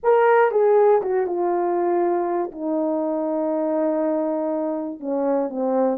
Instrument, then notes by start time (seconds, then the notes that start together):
horn
0.03 A#4
0.51 G#4
1.01 F#4
1.26 F4
2.51 D#4
5.00 C#4
5.49 C4